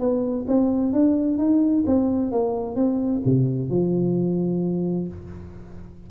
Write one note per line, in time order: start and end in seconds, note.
0.00 0.46 B3
0.48 0.93 C4
0.93 1.38 D4
1.38 1.85 D#4
1.87 2.32 C4
2.32 2.76 A#3
2.76 3.22 C4
3.26 3.70 C3
3.70 5.09 F3